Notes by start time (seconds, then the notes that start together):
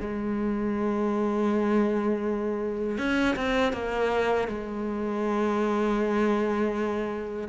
0.00 G#3
2.98 C#4
3.36 C4
3.72 A#3
4.48 G#3